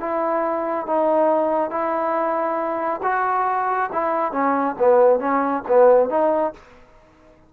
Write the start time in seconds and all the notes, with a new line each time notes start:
0.00 E4
0.86 D#4
1.70 E4
3.03 F#4
3.92 E4
4.32 C#4
4.79 B3
5.19 C#4
5.68 B3
6.09 D#4